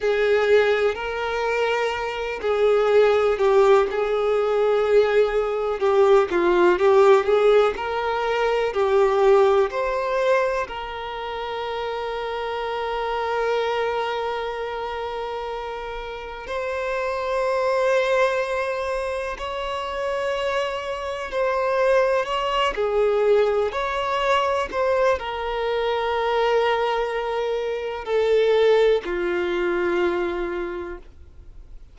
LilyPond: \new Staff \with { instrumentName = "violin" } { \time 4/4 \tempo 4 = 62 gis'4 ais'4. gis'4 g'8 | gis'2 g'8 f'8 g'8 gis'8 | ais'4 g'4 c''4 ais'4~ | ais'1~ |
ais'4 c''2. | cis''2 c''4 cis''8 gis'8~ | gis'8 cis''4 c''8 ais'2~ | ais'4 a'4 f'2 | }